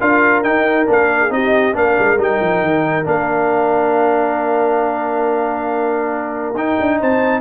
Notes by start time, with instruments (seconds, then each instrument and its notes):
0.00 tuba D4, trombone F4, horn A#4, trumpet F5
0.43 trombone D#4, tuba D#4, trumpet G5
0.86 tuba A#3, trombone D4, trumpet F5
1.21 horn G#4
1.29 tuba C4, trombone D#4, horn G4, trumpet D#5
1.73 tuba A#3, trombone D4, horn A#4, trumpet F5
1.99 tuba G#3
2.17 tuba G3, trombone D#4, trumpet G5
2.41 tuba F3
2.61 tuba D#3
3.04 tuba A#3, trombone D4, trumpet F5
6.54 tuba D#4, trombone D#4, trumpet G5
6.80 tuba D4
6.99 tuba C4, horn C5, trumpet A5